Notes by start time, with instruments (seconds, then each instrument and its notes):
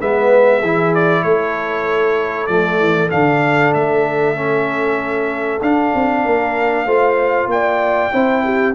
0.00 tuba G#3, trombone B3, horn B4, trumpet E5
0.60 tuba E3, trombone E4, horn G#4
0.95 trumpet D5
1.23 tuba A3, horn A4, trumpet C#5
2.47 tuba F3, trombone A3, trumpet D5
2.80 tuba E3
3.11 tuba D3, trombone D4, trumpet F5
3.74 tuba A3, trumpet E5
4.35 trombone C#4
5.62 tuba D4, trombone D4, trumpet F5
5.95 tuba C4
6.24 tuba A#3, horn A#4
6.86 tuba A3, trombone F4, horn C5
7.48 tuba A#3, horn D5, trumpet G5
8.12 tuba C4, trombone E4, horn C5
8.45 horn G4